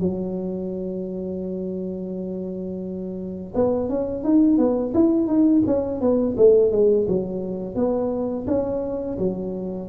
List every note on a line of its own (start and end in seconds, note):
0.00 3.53 F#3
3.55 3.89 B3
3.89 4.24 C#4
4.24 4.58 D#4
4.58 4.93 B3
4.94 5.27 E4
5.27 5.62 D#4
5.66 6.01 C#4
6.01 6.36 B3
6.37 6.71 A3
6.71 7.07 G#3
7.08 7.75 F#3
7.75 8.46 B3
8.47 9.18 C#4
9.18 9.89 F#3